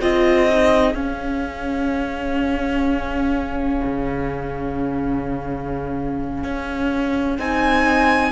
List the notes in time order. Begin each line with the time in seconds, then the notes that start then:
0.00 C4 F4 G#4 D#5
0.49 D#4
0.94 C#4 F5
3.84 C#3
6.44 C#4
7.38 C4 D#4 G#5